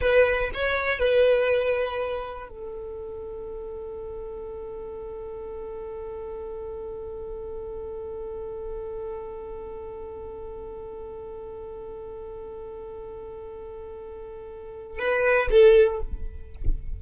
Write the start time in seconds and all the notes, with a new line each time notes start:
0.00 B4
0.53 C#5
0.99 B4
2.48 A4
14.98 B4
15.50 A4